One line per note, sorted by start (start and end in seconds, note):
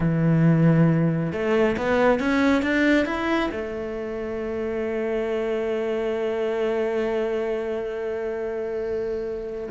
0.00 1.32 E3
1.32 1.76 A3
1.77 2.19 B3
2.19 2.62 C#4
2.62 3.05 D4
3.05 3.50 E4
3.51 9.69 A3